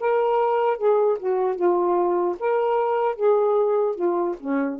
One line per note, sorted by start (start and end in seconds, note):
0.00 0.77 A#4
0.77 1.17 G#4
1.19 1.56 F#4
1.56 2.36 F4
2.40 3.15 A#4
3.15 3.95 G#4
3.95 4.35 F4
4.40 4.79 C#4